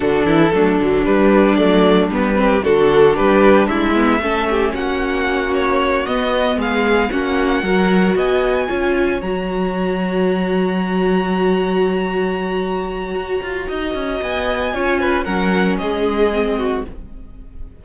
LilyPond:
<<
  \new Staff \with { instrumentName = "violin" } { \time 4/4 \tempo 4 = 114 a'2 b'4 d''4 | b'4 a'4 b'4 e''4~ | e''4 fis''4. cis''4 dis''8~ | dis''8 f''4 fis''2 gis''8~ |
gis''4. ais''2~ ais''8~ | ais''1~ | ais''2. gis''4~ | gis''4 fis''4 dis''2 | }
  \new Staff \with { instrumentName = "violin" } { \time 4/4 fis'8 e'8 d'2.~ | d'8 g'8 fis'4 g'4 e'4 | a'8 g'8 fis'2.~ | fis'8 gis'4 fis'4 ais'4 dis''8~ |
dis''8 cis''2.~ cis''8~ | cis''1~ | cis''2 dis''2 | cis''8 b'8 ais'4 gis'4. fis'8 | }
  \new Staff \with { instrumentName = "viola" } { \time 4/4 d'4 a8 fis8 g4 a4 | b8 c'8 d'2~ d'8 b8 | cis'2.~ cis'8 b8~ | b4. cis'4 fis'4.~ |
fis'8 f'4 fis'2~ fis'8~ | fis'1~ | fis'1 | f'4 cis'2 c'4 | }
  \new Staff \with { instrumentName = "cello" } { \time 4/4 d8 e8 fis8 d8 g4 fis4 | g4 d4 g4 gis4 | a4 ais2~ ais8 b8~ | b8 gis4 ais4 fis4 b8~ |
b8 cis'4 fis2~ fis8~ | fis1~ | fis4 fis'8 f'8 dis'8 cis'8 b4 | cis'4 fis4 gis2 | }
>>